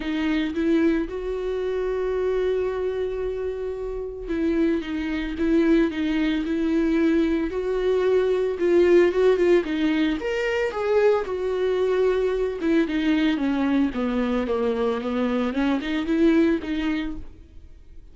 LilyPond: \new Staff \with { instrumentName = "viola" } { \time 4/4 \tempo 4 = 112 dis'4 e'4 fis'2~ | fis'1 | e'4 dis'4 e'4 dis'4 | e'2 fis'2 |
f'4 fis'8 f'8 dis'4 ais'4 | gis'4 fis'2~ fis'8 e'8 | dis'4 cis'4 b4 ais4 | b4 cis'8 dis'8 e'4 dis'4 | }